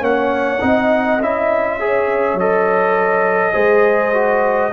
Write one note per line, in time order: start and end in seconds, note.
0.00 0.60 A#3
0.00 0.59 C#4
0.00 0.61 C#5
0.00 1.22 F#5
0.61 1.20 C4
0.61 1.19 D#4
0.61 1.78 D#5
1.20 2.34 C#4
1.20 1.80 E4
1.20 2.39 E5
1.80 2.39 G#4
1.80 3.53 C#5
2.34 3.52 F#3
2.34 3.53 A4
2.34 4.73 D#5
3.53 4.73 G#3
3.53 4.12 G#4
3.53 4.71 C5
4.13 4.72 F#4